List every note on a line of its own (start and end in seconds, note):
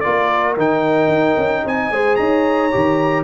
0.00 0.57 A#3
0.00 0.57 F4
0.00 1.64 A#4
0.00 0.54 D5
0.57 1.07 D#3
0.57 1.92 D#4
0.57 1.67 G5
1.07 1.34 D#4
1.37 1.64 C#4
1.64 1.91 C4
1.64 1.92 D#5
1.64 2.16 G#5
1.91 2.17 G#3
1.91 2.71 G#4
1.91 2.18 C5
2.16 2.72 D#4
2.16 3.24 C#5
2.16 3.23 A#5
2.71 3.24 D#3
2.71 3.24 G4